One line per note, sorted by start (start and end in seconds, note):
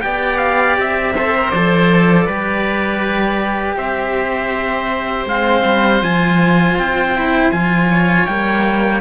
0.00 0.78 B3
0.00 1.12 G4
0.00 1.14 D5
0.00 0.38 G5
0.38 0.75 F5
0.78 1.53 C4
0.78 1.50 E5
1.14 1.34 A4
1.14 2.25 C5
1.34 1.53 A#4
1.50 2.27 F3
1.50 2.28 A4
1.50 3.75 D5
2.25 3.77 G3
2.25 5.28 G4
2.25 3.75 B4
3.77 5.25 C4
3.77 7.89 C5
3.77 5.27 E5
5.25 5.62 G#3
5.25 6.03 C4
5.25 6.02 F5
5.64 6.01 G3
6.01 6.76 F3
6.01 7.15 F4
6.01 6.77 G#5
6.77 7.52 C4
6.77 7.51 G5
7.15 7.53 E4
7.51 8.27 F3
7.51 8.27 F4
7.51 8.26 G#5
7.90 9.01 C#5
8.26 9.01 G3
8.26 9.01 A#3
8.26 9.01 G5